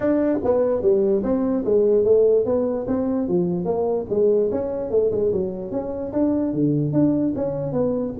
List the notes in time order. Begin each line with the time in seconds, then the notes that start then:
0.00 D4
0.43 B3
0.81 G3
1.23 C4
1.64 G#3
2.04 A3
2.45 B3
2.87 C4
3.28 F3
3.65 A#3
4.09 G#3
4.51 C#4
4.90 A3
5.11 G#3
5.32 F#3
5.71 C#4
6.12 D4
6.53 D3
6.92 D4
7.35 C#4
7.72 B3